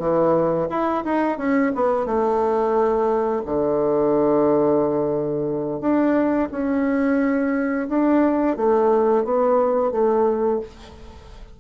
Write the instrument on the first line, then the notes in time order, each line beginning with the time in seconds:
bassoon
0.00 E3
0.70 E4
1.05 D#4
1.38 C#4
1.75 B3
2.06 A3
3.46 D3
5.81 D4
6.52 C#4
7.89 D4
8.57 A3
9.25 B3
9.92 A3